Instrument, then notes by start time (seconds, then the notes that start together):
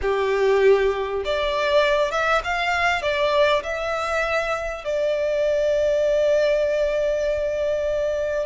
violin
0.01 G4
1.24 D5
2.11 E5
2.44 F5
3.02 D5
3.63 E5
4.84 D5